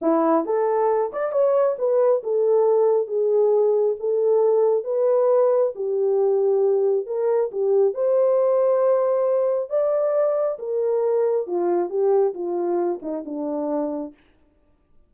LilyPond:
\new Staff \with { instrumentName = "horn" } { \time 4/4 \tempo 4 = 136 e'4 a'4. d''8 cis''4 | b'4 a'2 gis'4~ | gis'4 a'2 b'4~ | b'4 g'2. |
ais'4 g'4 c''2~ | c''2 d''2 | ais'2 f'4 g'4 | f'4. dis'8 d'2 | }